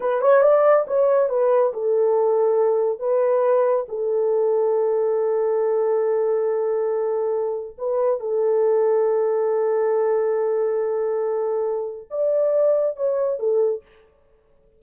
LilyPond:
\new Staff \with { instrumentName = "horn" } { \time 4/4 \tempo 4 = 139 b'8 cis''8 d''4 cis''4 b'4 | a'2. b'4~ | b'4 a'2.~ | a'1~ |
a'2 b'4 a'4~ | a'1~ | a'1 | d''2 cis''4 a'4 | }